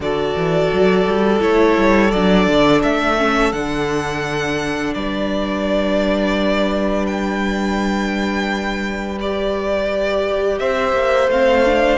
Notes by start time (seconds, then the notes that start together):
0.00 D3 F#4 A4 D5
0.35 E3
0.73 F#3
1.06 G3
1.39 A3 E4 C#5
1.77 G3
2.10 F#3 D4 D5
2.47 D3
2.82 A3 E5
3.17 C#4
3.52 D3 D4 F#5
4.94 G3 B4 D5
7.06 G5
9.19 G4 D5
10.59 C4 C5 E5
10.92 A#3
11.27 A3 C4 F5
11.65 D4